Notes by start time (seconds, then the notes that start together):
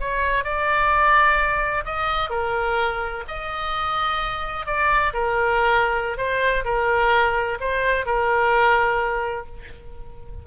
0.00 C#5
0.44 D5
1.85 D#5
2.29 A#4
3.27 D#5
4.66 D5
5.13 A#4
6.17 C5
6.64 A#4
7.60 C5
8.05 A#4